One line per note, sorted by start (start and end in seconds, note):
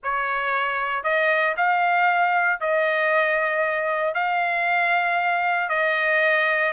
0.03 1.03 C#5
1.03 1.55 D#5
1.57 2.60 F5
2.60 4.14 D#5
4.14 5.69 F5
5.69 6.72 D#5